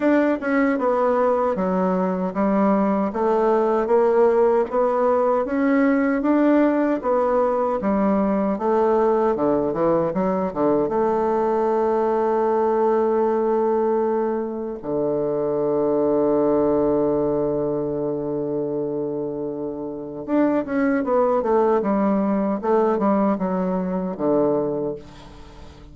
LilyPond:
\new Staff \with { instrumentName = "bassoon" } { \time 4/4 \tempo 4 = 77 d'8 cis'8 b4 fis4 g4 | a4 ais4 b4 cis'4 | d'4 b4 g4 a4 | d8 e8 fis8 d8 a2~ |
a2. d4~ | d1~ | d2 d'8 cis'8 b8 a8 | g4 a8 g8 fis4 d4 | }